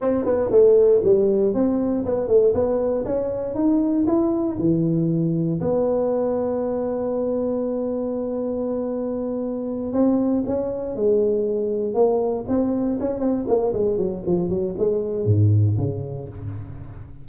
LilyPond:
\new Staff \with { instrumentName = "tuba" } { \time 4/4 \tempo 4 = 118 c'8 b8 a4 g4 c'4 | b8 a8 b4 cis'4 dis'4 | e'4 e2 b4~ | b1~ |
b2.~ b8 c'8~ | c'8 cis'4 gis2 ais8~ | ais8 c'4 cis'8 c'8 ais8 gis8 fis8 | f8 fis8 gis4 gis,4 cis4 | }